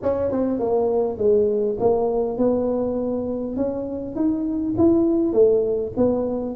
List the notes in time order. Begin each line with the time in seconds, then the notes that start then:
0.02 C#4
0.31 C4
0.59 A#3
1.17 G#3
1.80 A#3
2.37 B3
3.56 C#4
4.15 D#4
4.77 E4
5.32 A3
5.96 B3